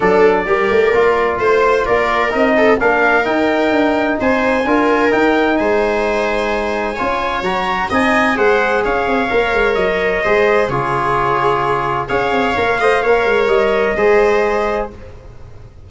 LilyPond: <<
  \new Staff \with { instrumentName = "trumpet" } { \time 4/4 \tempo 4 = 129 d''2. c''4 | d''4 dis''4 f''4 g''4~ | g''4 gis''2 g''4 | gis''1 |
ais''4 gis''4 fis''4 f''4~ | f''4 dis''2 cis''4~ | cis''2 f''2~ | f''4 dis''2. | }
  \new Staff \with { instrumentName = "viola" } { \time 4/4 a'4 ais'2 c''4 | ais'4. a'8 ais'2~ | ais'4 c''4 ais'2 | c''2. cis''4~ |
cis''4 dis''4 c''4 cis''4~ | cis''2 c''4 gis'4~ | gis'2 cis''4. dis''8 | cis''2 c''2 | }
  \new Staff \with { instrumentName = "trombone" } { \time 4/4 d'4 g'4 f'2~ | f'4 dis'4 d'4 dis'4~ | dis'2 f'4 dis'4~ | dis'2. f'4 |
fis'4 dis'4 gis'2 | ais'2 gis'4 f'4~ | f'2 gis'4 ais'8 c''8 | ais'2 gis'2 | }
  \new Staff \with { instrumentName = "tuba" } { \time 4/4 fis4 g8 a8 ais4 a4 | ais4 c'4 ais4 dis'4 | d'4 c'4 d'4 dis'4 | gis2. cis'4 |
fis4 c'4 gis4 cis'8 c'8 | ais8 gis8 fis4 gis4 cis4~ | cis2 cis'8 c'8 ais8 a8 | ais8 gis8 g4 gis2 | }
>>